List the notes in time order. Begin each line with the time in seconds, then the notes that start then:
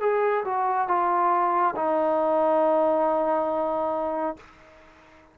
0.00 G#4
0.44 F#4
0.87 F4
1.75 D#4